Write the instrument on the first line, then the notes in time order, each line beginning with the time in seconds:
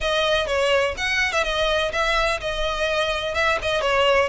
violin
0.00 D#5
0.47 C#5
0.97 F#5
1.32 E5
1.43 D#5
1.92 E5
2.40 D#5
3.34 E5
3.62 D#5
3.81 C#5